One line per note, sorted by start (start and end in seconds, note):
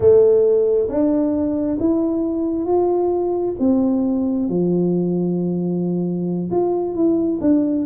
0.00 0.88 A3
0.88 1.78 D4
1.79 2.65 E4
2.65 3.55 F4
3.59 4.48 C4
4.48 6.50 F3
6.50 6.94 F4
6.94 7.39 E4
7.40 7.85 D4